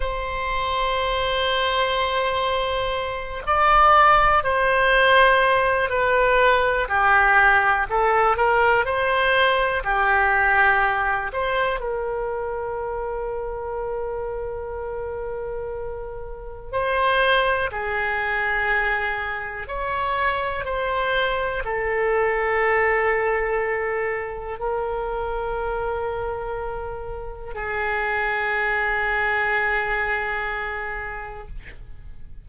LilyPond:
\new Staff \with { instrumentName = "oboe" } { \time 4/4 \tempo 4 = 61 c''2.~ c''8 d''8~ | d''8 c''4. b'4 g'4 | a'8 ais'8 c''4 g'4. c''8 | ais'1~ |
ais'4 c''4 gis'2 | cis''4 c''4 a'2~ | a'4 ais'2. | gis'1 | }